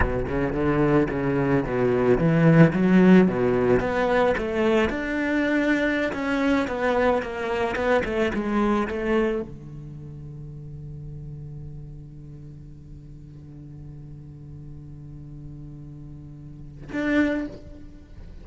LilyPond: \new Staff \with { instrumentName = "cello" } { \time 4/4 \tempo 4 = 110 b,8 cis8 d4 cis4 b,4 | e4 fis4 b,4 b4 | a4 d'2~ d'16 cis'8.~ | cis'16 b4 ais4 b8 a8 gis8.~ |
gis16 a4 d2~ d8.~ | d1~ | d1~ | d2. d'4 | }